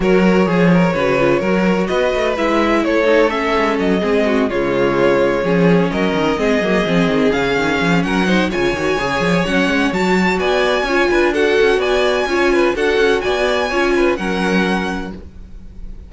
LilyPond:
<<
  \new Staff \with { instrumentName = "violin" } { \time 4/4 \tempo 4 = 127 cis''1 | dis''4 e''4 cis''4 e''4 | dis''4. cis''2~ cis''8~ | cis''8 dis''2. f''8~ |
f''4 fis''4 gis''2 | fis''4 a''4 gis''2 | fis''4 gis''2 fis''4 | gis''2 fis''2 | }
  \new Staff \with { instrumentName = "violin" } { \time 4/4 ais'4 gis'8 ais'8 b'4 ais'4 | b'2 a'2~ | a'8 gis'8 fis'8 f'2 gis'8~ | gis'8 ais'4 gis'2~ gis'8~ |
gis'4 ais'8 c''8 cis''2~ | cis''2 d''4 cis''8 b'8 | a'4 d''4 cis''8 b'8 a'4 | d''4 cis''8 b'8 ais'2 | }
  \new Staff \with { instrumentName = "viola" } { \time 4/4 fis'4 gis'4 fis'8 f'8 fis'4~ | fis'4 e'4. dis'8 cis'4~ | cis'8 c'4 gis2 cis'8~ | cis'4. c'8 ais8 c'4 cis'8~ |
cis'4. dis'8 f'8 fis'8 gis'4 | cis'4 fis'2 f'4 | fis'2 f'4 fis'4~ | fis'4 f'4 cis'2 | }
  \new Staff \with { instrumentName = "cello" } { \time 4/4 fis4 f4 cis4 fis4 | b8 a8 gis4 a4. gis8 | fis8 gis4 cis2 f8~ | f8 fis8 dis8 gis8 fis8 f8 dis8 cis8 |
dis8 f8 fis4 cis8 dis8 cis8 f8 | fis8 gis8 fis4 b4 cis'8 d'8~ | d'8 cis'8 b4 cis'4 d'8 cis'8 | b4 cis'4 fis2 | }
>>